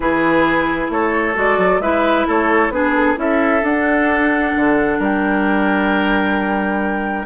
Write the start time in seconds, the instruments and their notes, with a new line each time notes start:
0.00 bassoon E3, clarinet E4, oboe G#4, flute B4
0.89 bassoon A3, oboe A4, flute C#5
1.34 bassoon G#3, clarinet F#4, flute D5
1.57 bassoon F#3
1.79 bassoon G#3, clarinet E4, oboe B4, flute E5
2.27 bassoon A3, oboe A4, flute C#5
2.69 bassoon B3, clarinet D4, oboe G#4, flute B4
2.95 flute A4
3.16 bassoon C#4, clarinet E4, oboe A4, flute E5
3.62 bassoon D4, clarinet D4, flute F#5
4.55 bassoon D3
4.99 bassoon G3, oboe A#4, flute G5